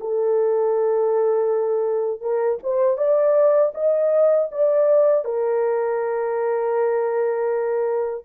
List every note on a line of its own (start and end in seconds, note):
0.00 2.21 A4
2.21 2.58 A#4
2.63 2.97 C5
2.97 3.72 D5
3.74 4.49 D#5
4.51 5.25 D5
5.25 8.25 A#4